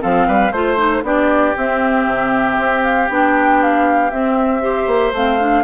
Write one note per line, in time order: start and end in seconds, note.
0.00 0.28 F3
0.00 0.51 C4
0.00 0.27 A4
0.00 0.52 F5
0.27 0.51 G3
0.27 0.53 B4
0.51 1.03 A3
0.51 0.77 F4
0.51 1.03 C5
0.51 1.04 C5
0.77 1.02 D#4
1.03 1.54 B3
1.03 1.56 D4
1.03 4.63 G4
1.03 1.57 D5
1.57 2.06 C4
1.57 3.09 C4
1.57 2.83 E5
2.06 2.57 C3
2.58 3.09 C4
2.83 3.09 F5
3.09 4.12 B3
3.09 4.11 D4
3.09 3.62 G5
3.62 4.11 F5
4.11 4.62 C4
4.11 4.87 C4
4.11 5.13 E5
4.62 5.13 G4
4.62 5.64 C5
4.87 5.12 A#3
5.12 5.64 A3
5.12 5.40 C4
5.12 5.64 F5
5.40 5.64 D4